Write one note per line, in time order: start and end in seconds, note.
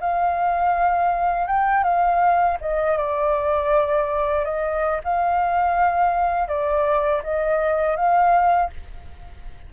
0.00 1.46 F5
1.46 1.83 G5
1.83 2.57 F5
2.60 2.97 D#5
2.97 4.44 D5
4.44 5.00 D#5
5.04 6.48 F5
6.48 7.22 D5
7.23 7.96 D#5
7.96 8.70 F5